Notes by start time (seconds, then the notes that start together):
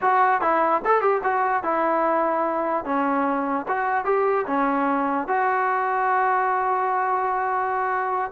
0.01 F#4
0.41 E4
0.85 A4
1.01 G4
1.23 F#4
1.63 E4
2.85 C#4
3.68 F#4
4.04 G4
4.46 C#4
5.27 F#4